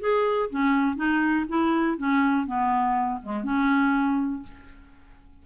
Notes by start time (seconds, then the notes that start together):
0.00 G#4
0.50 C#4
0.96 D#4
1.49 E4
1.97 C#4
2.46 B3
3.23 G#3
3.43 C#4